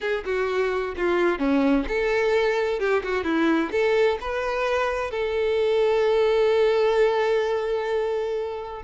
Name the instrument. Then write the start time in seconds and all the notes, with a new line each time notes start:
violin
0.00 G#4
0.25 F#4
0.96 F4
1.38 C#4
1.88 A4
2.79 G4
3.03 F#4
3.24 E4
3.71 A4
4.21 B4
5.10 A4